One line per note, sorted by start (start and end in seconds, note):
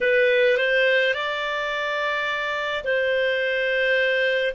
0.00 0.57 B4
0.57 1.13 C5
1.13 2.83 D5
2.84 4.53 C5